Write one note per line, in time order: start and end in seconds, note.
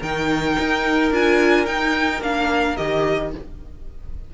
0.00 0.57 D#3
0.00 1.12 D#4
0.00 3.30 A#4
0.00 1.13 G5
0.59 1.11 D#4
1.11 1.66 D4
1.11 1.67 F4
1.11 1.66 G#5
1.66 2.21 D#4
1.66 2.22 D#4
1.66 2.21 G5
2.21 2.76 A#3
2.21 2.77 D4
2.21 2.77 F5
2.77 3.34 D#3
2.77 3.32 G4
2.77 3.32 D#5